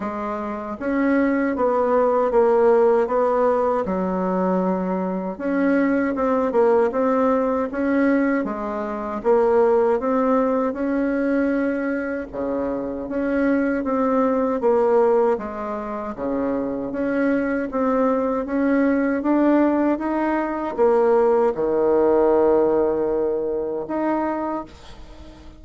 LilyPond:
\new Staff \with { instrumentName = "bassoon" } { \time 4/4 \tempo 4 = 78 gis4 cis'4 b4 ais4 | b4 fis2 cis'4 | c'8 ais8 c'4 cis'4 gis4 | ais4 c'4 cis'2 |
cis4 cis'4 c'4 ais4 | gis4 cis4 cis'4 c'4 | cis'4 d'4 dis'4 ais4 | dis2. dis'4 | }